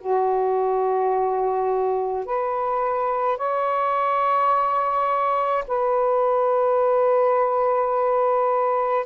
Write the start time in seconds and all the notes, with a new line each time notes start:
0.00 F#4
2.25 B4
3.38 C#5
5.68 B4